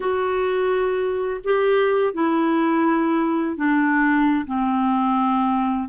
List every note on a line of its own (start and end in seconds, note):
0.00 1.41 F#4
1.44 2.13 G4
2.13 3.56 E4
3.56 4.45 D4
4.46 5.89 C4